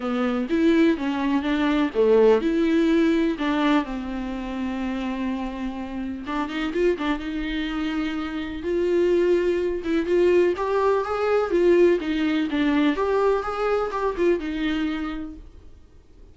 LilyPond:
\new Staff \with { instrumentName = "viola" } { \time 4/4 \tempo 4 = 125 b4 e'4 cis'4 d'4 | a4 e'2 d'4 | c'1~ | c'4 d'8 dis'8 f'8 d'8 dis'4~ |
dis'2 f'2~ | f'8 e'8 f'4 g'4 gis'4 | f'4 dis'4 d'4 g'4 | gis'4 g'8 f'8 dis'2 | }